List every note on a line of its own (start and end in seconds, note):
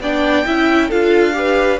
0.00 0.44 B3
0.00 0.46 D4
0.00 0.46 D5
0.00 0.91 G5
0.46 0.91 C#4
0.46 0.90 E4
0.46 0.88 E5
0.88 1.80 D4
0.88 1.33 F4
0.88 1.32 A4
0.88 1.79 F5
1.33 1.78 G4
1.33 1.80 B4